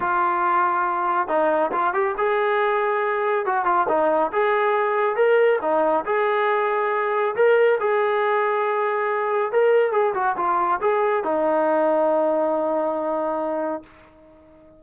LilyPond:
\new Staff \with { instrumentName = "trombone" } { \time 4/4 \tempo 4 = 139 f'2. dis'4 | f'8 g'8 gis'2. | fis'8 f'8 dis'4 gis'2 | ais'4 dis'4 gis'2~ |
gis'4 ais'4 gis'2~ | gis'2 ais'4 gis'8 fis'8 | f'4 gis'4 dis'2~ | dis'1 | }